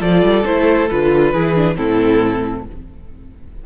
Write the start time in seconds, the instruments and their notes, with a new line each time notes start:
0.00 cello F3, viola F4, violin A4 D5
0.22 cello G3
0.45 cello A3, viola E4, violin C5
0.90 cello D3, viola F4, violin B4
1.32 cello E3, viola E4, violin G#4
1.56 viola D4
1.75 cello A2, viola C4, violin E4 A4